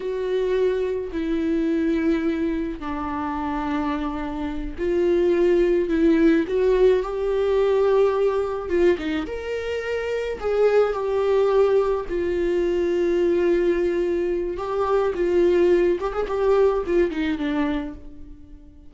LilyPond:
\new Staff \with { instrumentName = "viola" } { \time 4/4 \tempo 4 = 107 fis'2 e'2~ | e'4 d'2.~ | d'8 f'2 e'4 fis'8~ | fis'8 g'2. f'8 |
dis'8 ais'2 gis'4 g'8~ | g'4. f'2~ f'8~ | f'2 g'4 f'4~ | f'8 g'16 gis'16 g'4 f'8 dis'8 d'4 | }